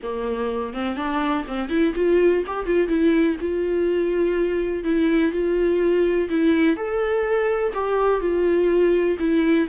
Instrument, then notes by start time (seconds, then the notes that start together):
viola
0.02 A#3
0.73 C4
0.96 D4
1.47 C4
1.69 E4
1.95 F4
2.46 G4
2.66 F4
2.88 E4
3.40 F4
4.83 E4
5.32 F4
6.29 E4
6.76 A4
7.74 G4
8.20 F4
9.19 E4